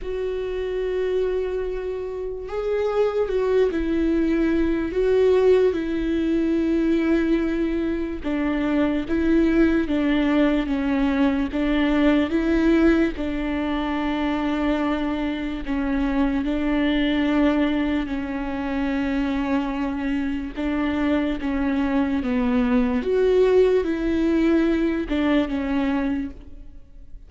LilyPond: \new Staff \with { instrumentName = "viola" } { \time 4/4 \tempo 4 = 73 fis'2. gis'4 | fis'8 e'4. fis'4 e'4~ | e'2 d'4 e'4 | d'4 cis'4 d'4 e'4 |
d'2. cis'4 | d'2 cis'2~ | cis'4 d'4 cis'4 b4 | fis'4 e'4. d'8 cis'4 | }